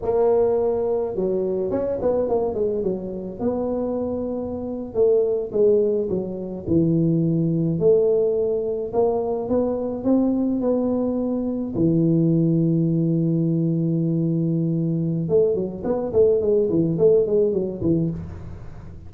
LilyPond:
\new Staff \with { instrumentName = "tuba" } { \time 4/4 \tempo 4 = 106 ais2 fis4 cis'8 b8 | ais8 gis8 fis4 b2~ | b8. a4 gis4 fis4 e16~ | e4.~ e16 a2 ais16~ |
ais8. b4 c'4 b4~ b16~ | b8. e2.~ e16~ | e2. a8 fis8 | b8 a8 gis8 e8 a8 gis8 fis8 e8 | }